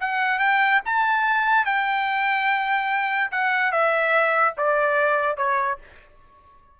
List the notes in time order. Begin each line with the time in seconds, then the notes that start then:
0.00 F#5
0.39 G5
0.86 A5
1.66 G5
3.31 F#5
3.72 E5
4.57 D5
5.37 C#5